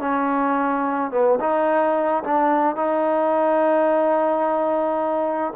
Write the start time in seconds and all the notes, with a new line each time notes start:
0.00 C#4
1.11 B3
1.40 D#4
2.24 D4
2.76 D#4